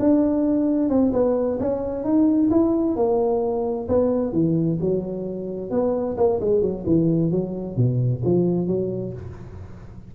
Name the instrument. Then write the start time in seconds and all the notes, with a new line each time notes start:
tuba
0.00 D4
0.90 C4
1.13 B3
1.60 C#4
2.04 D#4
2.51 E4
2.96 A#3
3.89 B3
4.33 E3
4.81 F#3
5.71 B3
6.18 A#3
6.41 G#3
6.62 F#3
6.86 E3
7.32 F#3
7.77 B2
8.25 F3
8.68 F#3